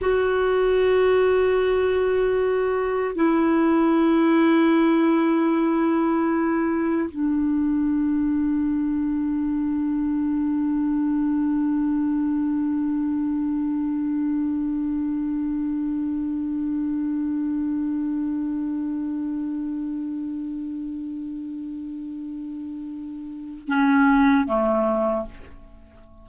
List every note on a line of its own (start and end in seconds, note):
0.01 3.15 F#4
3.15 7.09 E4
7.10 23.68 D4
23.68 24.46 C#4
24.46 25.25 A3